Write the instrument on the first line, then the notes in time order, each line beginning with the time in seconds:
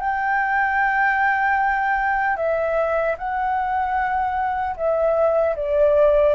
flute
0.00 G5
2.36 E5
3.17 F#5
4.76 E5
5.56 D5